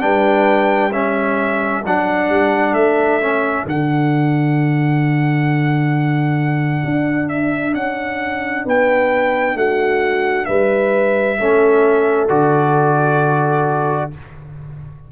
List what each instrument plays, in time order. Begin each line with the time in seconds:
0.00 tuba G3, trombone D4, horn B4, trumpet G5
0.92 trombone C#4, horn A4, trumpet E5
1.84 tuba F#3, trombone D4, trumpet F#5
2.29 tuba G3
2.73 tuba A3, trumpet E5
3.21 trombone C#4
3.65 tuba D3, trombone D4, trumpet F#5
6.85 tuba D4
7.29 trumpet E5
7.74 tuba C#4, trumpet F#5
8.65 tuba B3, horn B4, trumpet G5
9.55 tuba A3, horn F#4, trumpet F#5
10.45 tuba G3, horn B4, trumpet E5
11.39 tuba A3, trombone C#4, horn A4
12.29 tuba D3, trombone F#4, trumpet D5